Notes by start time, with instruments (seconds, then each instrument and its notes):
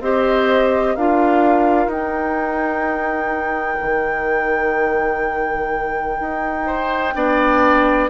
0.00 bassoon C4, clarinet G4, oboe C5, flute D#5
0.94 bassoon D4, clarinet F4, oboe A#4, flute F5
1.86 bassoon D#4, clarinet D#4, flute G5
3.82 bassoon D#3
6.20 bassoon D#4
6.66 oboe C5
7.14 bassoon B3, clarinet D4, oboe D5